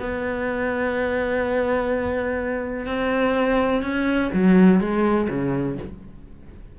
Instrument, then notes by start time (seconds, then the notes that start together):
cello
0.00 B3
2.87 C4
3.83 C#4
4.34 F#3
4.80 G#3
5.30 C#3